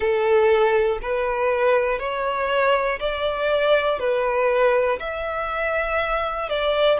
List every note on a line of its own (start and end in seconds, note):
0.00 0.99 A4
1.02 1.99 B4
1.99 2.99 C#5
2.99 3.99 D5
3.99 4.99 B4
5.00 6.49 E5
6.49 6.99 D5